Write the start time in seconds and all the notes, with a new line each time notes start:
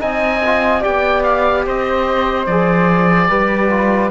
0.00 C4 D#4 D#5 G#5
0.46 F4
0.81 B3 G4 D5 G5
1.24 F5
1.66 C4 C5 D#5
2.46 F3 G#4 D5
3.29 G3 G4 B4
3.71 F4